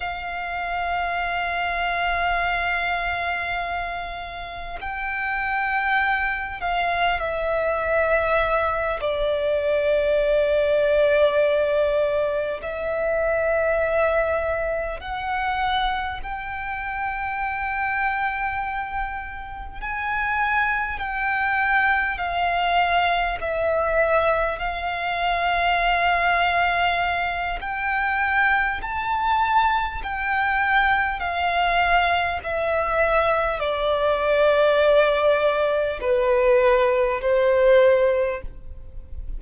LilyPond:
\new Staff \with { instrumentName = "violin" } { \time 4/4 \tempo 4 = 50 f''1 | g''4. f''8 e''4. d''8~ | d''2~ d''8 e''4.~ | e''8 fis''4 g''2~ g''8~ |
g''8 gis''4 g''4 f''4 e''8~ | e''8 f''2~ f''8 g''4 | a''4 g''4 f''4 e''4 | d''2 b'4 c''4 | }